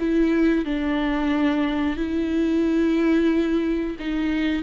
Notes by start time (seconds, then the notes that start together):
0.00 E4
0.65 D4
1.97 E4
4.00 D#4